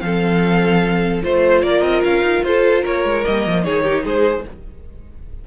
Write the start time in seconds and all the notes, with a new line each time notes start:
0.00 F3 C4 A4 F5
1.23 A3 F4 C5
1.62 A#3 A#4 D5
1.82 C4 D#5
2.04 C#4 F5
2.21 D#4
2.44 F4 A4 C5
2.82 A#3 A#4 C#5
3.04 G#3
3.24 G3 A#3 D#5
3.47 F3
3.64 D#3 D#4 G#4 C#5
3.83 G4
4.04 G#3 G#4 C5